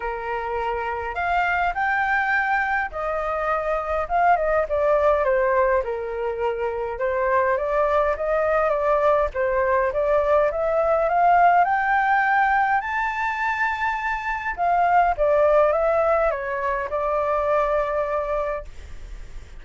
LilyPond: \new Staff \with { instrumentName = "flute" } { \time 4/4 \tempo 4 = 103 ais'2 f''4 g''4~ | g''4 dis''2 f''8 dis''8 | d''4 c''4 ais'2 | c''4 d''4 dis''4 d''4 |
c''4 d''4 e''4 f''4 | g''2 a''2~ | a''4 f''4 d''4 e''4 | cis''4 d''2. | }